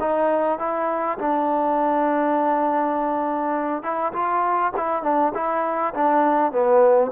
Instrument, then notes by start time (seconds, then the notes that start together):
trombone
0.00 D#4
0.59 E4
1.18 D4
3.83 E4
4.13 F4
4.77 E4
5.03 D4
5.34 E4
5.94 D4
6.52 B3